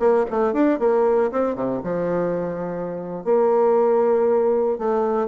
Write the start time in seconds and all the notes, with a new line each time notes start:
0.00 A#3
0.31 A3
0.54 D4
0.80 A#3
1.32 C4
1.55 C3
1.84 F3
3.25 A#3
4.79 A3